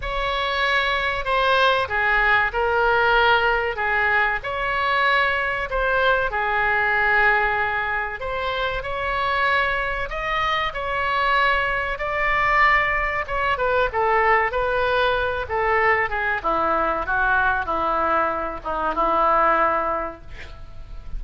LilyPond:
\new Staff \with { instrumentName = "oboe" } { \time 4/4 \tempo 4 = 95 cis''2 c''4 gis'4 | ais'2 gis'4 cis''4~ | cis''4 c''4 gis'2~ | gis'4 c''4 cis''2 |
dis''4 cis''2 d''4~ | d''4 cis''8 b'8 a'4 b'4~ | b'8 a'4 gis'8 e'4 fis'4 | e'4. dis'8 e'2 | }